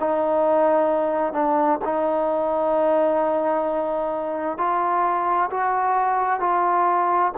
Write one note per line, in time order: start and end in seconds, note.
0.00 1.33 D#4
1.33 1.79 D4
1.85 4.58 D#4
4.58 5.50 F4
5.51 6.40 F#4
6.40 7.32 F4